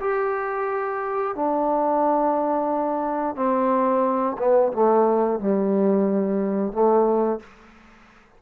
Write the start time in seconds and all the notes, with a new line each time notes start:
0.00 G4
1.35 D4
3.35 C4
4.38 B3
4.73 A3
5.40 G3
6.72 A3